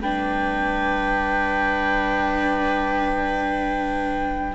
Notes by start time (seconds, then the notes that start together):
0.00 G3 D4 B4 G5